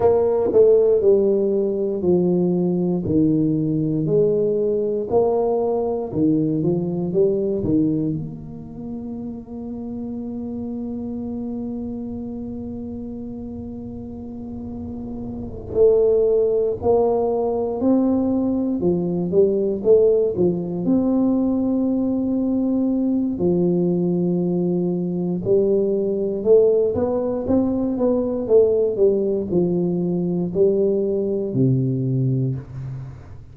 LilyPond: \new Staff \with { instrumentName = "tuba" } { \time 4/4 \tempo 4 = 59 ais8 a8 g4 f4 dis4 | gis4 ais4 dis8 f8 g8 dis8 | ais1~ | ais2.~ ais8 a8~ |
a8 ais4 c'4 f8 g8 a8 | f8 c'2~ c'8 f4~ | f4 g4 a8 b8 c'8 b8 | a8 g8 f4 g4 c4 | }